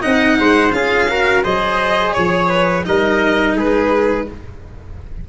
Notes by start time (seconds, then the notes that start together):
0.00 C4 D#4 D#5 F#5
0.39 G#3 C5
0.72 C#4 F4 G#4 F5
1.08 F#4 A#4
1.43 F#3 G#4 C5 D#5
2.13 F3 C#5
2.49 B4
2.83 G3 D#4 A#4 D#5
3.56 G#3 G#4 B4